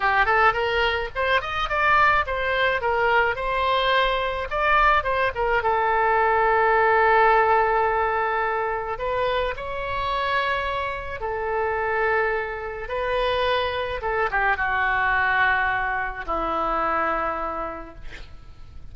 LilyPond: \new Staff \with { instrumentName = "oboe" } { \time 4/4 \tempo 4 = 107 g'8 a'8 ais'4 c''8 dis''8 d''4 | c''4 ais'4 c''2 | d''4 c''8 ais'8 a'2~ | a'1 |
b'4 cis''2. | a'2. b'4~ | b'4 a'8 g'8 fis'2~ | fis'4 e'2. | }